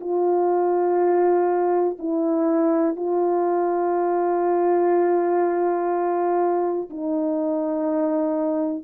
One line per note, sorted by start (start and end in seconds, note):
0.00 1.97 F4
1.98 2.96 E4
2.96 6.89 F4
6.89 8.83 D#4